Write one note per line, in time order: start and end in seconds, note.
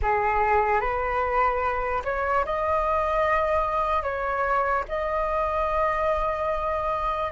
0.02 0.80 G#4
0.80 2.02 B4
2.04 2.44 C#5
2.45 4.02 D#5
4.02 4.84 C#5
4.88 7.32 D#5